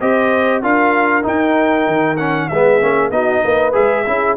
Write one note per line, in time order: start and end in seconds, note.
0.00 0.62 C4
0.00 0.63 G4
0.00 0.62 C5
0.00 0.63 D#5
0.62 1.25 D4
0.62 1.23 F4
0.62 2.50 A#4
0.62 1.26 F5
1.23 2.16 D#4
1.23 1.88 D#4
1.23 2.17 G5
1.88 2.50 D#3
2.17 2.50 C#4
2.17 2.48 F#5
2.48 2.82 G#3
2.48 2.81 B3
2.48 3.13 G#4
2.48 3.11 E5
2.81 3.11 A#3
2.81 3.12 C#4
3.11 3.42 B3
3.11 3.73 D#4
3.11 3.42 F#4
3.11 3.74 D#5
3.42 3.76 A#3
3.42 4.05 B4
3.73 4.07 G#3
3.73 4.04 G#4
3.73 4.37 E5
4.06 4.37 C#4
4.06 4.37 E4
4.06 4.37 G#4